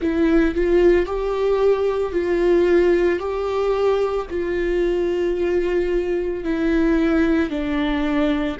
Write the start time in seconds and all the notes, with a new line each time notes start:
0.00 E4
0.54 F4
1.06 G4
2.12 F4
3.19 G4
4.30 F4
6.43 E4
7.50 D4